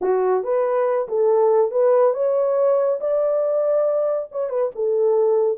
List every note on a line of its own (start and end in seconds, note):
0.01 0.43 F#4
0.43 1.07 B4
1.08 1.71 A4
1.71 2.13 B4
2.13 2.99 C#5
3.00 4.28 D5
4.31 4.49 C#5
4.49 4.71 B4
4.75 5.58 A4